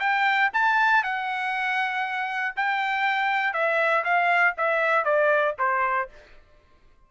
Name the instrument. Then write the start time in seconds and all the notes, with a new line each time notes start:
trumpet
0.00 G5
0.53 A5
1.03 F#5
2.56 G5
3.53 E5
4.04 F5
4.57 E5
5.05 D5
5.59 C5